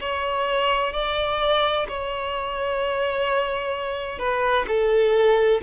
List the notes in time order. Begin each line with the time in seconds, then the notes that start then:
0.00 C#5
0.92 D5
1.88 C#5
4.18 B4
4.67 A4